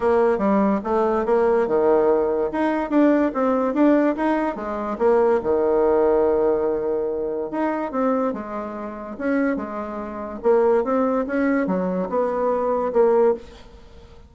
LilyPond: \new Staff \with { instrumentName = "bassoon" } { \time 4/4 \tempo 4 = 144 ais4 g4 a4 ais4 | dis2 dis'4 d'4 | c'4 d'4 dis'4 gis4 | ais4 dis2.~ |
dis2 dis'4 c'4 | gis2 cis'4 gis4~ | gis4 ais4 c'4 cis'4 | fis4 b2 ais4 | }